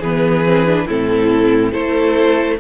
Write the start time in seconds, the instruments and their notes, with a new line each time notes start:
0.00 cello E3, viola B3, violin G#4 B4
0.46 viola C4
0.66 viola D4
0.87 cello A2, viola C4, violin E4 A4
1.72 cello A3, viola E4, violin A4 C5